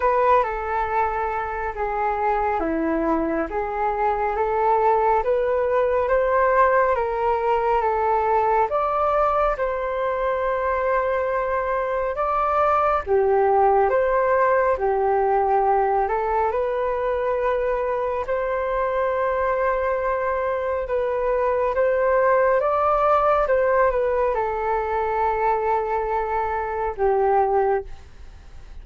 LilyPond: \new Staff \with { instrumentName = "flute" } { \time 4/4 \tempo 4 = 69 b'8 a'4. gis'4 e'4 | gis'4 a'4 b'4 c''4 | ais'4 a'4 d''4 c''4~ | c''2 d''4 g'4 |
c''4 g'4. a'8 b'4~ | b'4 c''2. | b'4 c''4 d''4 c''8 b'8 | a'2. g'4 | }